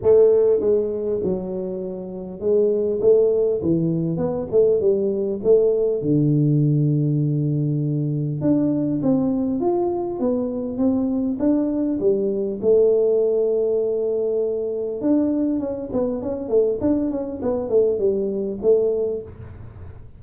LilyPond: \new Staff \with { instrumentName = "tuba" } { \time 4/4 \tempo 4 = 100 a4 gis4 fis2 | gis4 a4 e4 b8 a8 | g4 a4 d2~ | d2 d'4 c'4 |
f'4 b4 c'4 d'4 | g4 a2.~ | a4 d'4 cis'8 b8 cis'8 a8 | d'8 cis'8 b8 a8 g4 a4 | }